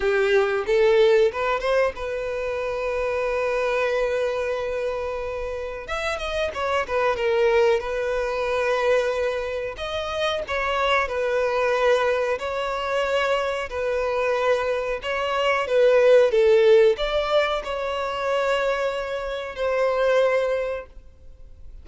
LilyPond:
\new Staff \with { instrumentName = "violin" } { \time 4/4 \tempo 4 = 92 g'4 a'4 b'8 c''8 b'4~ | b'1~ | b'4 e''8 dis''8 cis''8 b'8 ais'4 | b'2. dis''4 |
cis''4 b'2 cis''4~ | cis''4 b'2 cis''4 | b'4 a'4 d''4 cis''4~ | cis''2 c''2 | }